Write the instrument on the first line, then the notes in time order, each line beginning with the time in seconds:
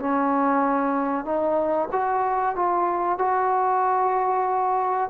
trombone
0.00 C#4
1.25 D#4
1.92 F#4
2.56 F4
3.19 F#4